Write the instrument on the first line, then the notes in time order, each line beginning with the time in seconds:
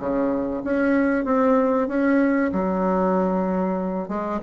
bassoon
0.00 C#3
0.65 C#4
1.25 C4
1.88 C#4
2.53 F#3
4.09 G#3